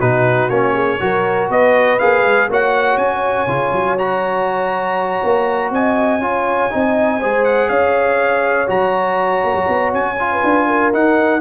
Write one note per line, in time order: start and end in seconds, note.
0.00 0.49 B2
0.00 0.50 D#4
0.00 0.73 F#4
0.00 0.49 B4
0.49 0.99 A#3
0.49 1.00 C#4
0.49 1.48 C#5
0.73 0.98 G#4
1.00 1.49 F#3
1.00 1.99 F#4
1.00 1.49 A#4
1.49 1.99 B3
1.49 2.49 B4
1.49 1.99 D#5
1.99 2.24 A#3
1.99 2.49 G#4
1.99 2.48 F5
2.24 2.49 G#3
2.50 2.97 A#3
2.50 3.48 F#4
2.50 5.73 C#5
2.50 2.97 F#5
2.97 3.47 C#4
2.97 3.97 G#5
3.47 3.72 C#3
3.47 3.97 F4
3.72 5.20 F#3
3.98 6.21 F#4
3.98 5.71 A#5
5.23 5.70 A#3
5.70 6.18 C4
5.70 6.23 D#5
5.70 7.44 G#5
6.18 6.68 C#4
6.18 6.70 F4
6.18 6.73 C#5
6.70 7.23 C4
6.70 7.20 D#4
6.70 7.20 D#5
7.20 7.69 G#3
7.20 8.67 G#4
7.20 7.70 C5
7.44 7.68 F#5
7.68 8.68 C#4
7.68 10.30 C#5
7.68 8.68 F5
8.67 9.44 F#3
8.67 10.16 F#4
8.67 9.93 A#5
9.44 9.54 A#3
9.54 9.66 F#3
9.68 9.93 B3
9.93 10.42 C#4
9.93 10.93 G#5
10.19 10.92 F4
10.32 10.67 B4
10.44 10.93 D4
10.67 11.41 A#4
10.92 11.41 D#4
10.92 11.41 F#5